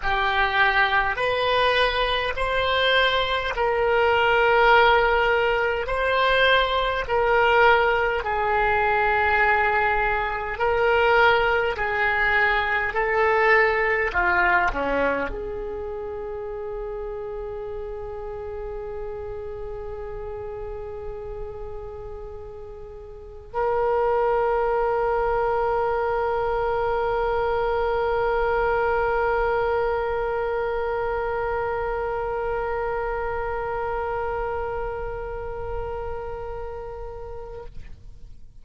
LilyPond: \new Staff \with { instrumentName = "oboe" } { \time 4/4 \tempo 4 = 51 g'4 b'4 c''4 ais'4~ | ais'4 c''4 ais'4 gis'4~ | gis'4 ais'4 gis'4 a'4 | f'8 cis'8 gis'2.~ |
gis'1 | ais'1~ | ais'1~ | ais'1 | }